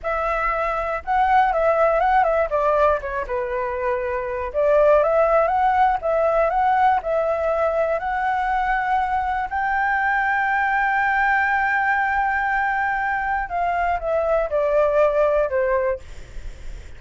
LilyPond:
\new Staff \with { instrumentName = "flute" } { \time 4/4 \tempo 4 = 120 e''2 fis''4 e''4 | fis''8 e''8 d''4 cis''8 b'4.~ | b'4 d''4 e''4 fis''4 | e''4 fis''4 e''2 |
fis''2. g''4~ | g''1~ | g''2. f''4 | e''4 d''2 c''4 | }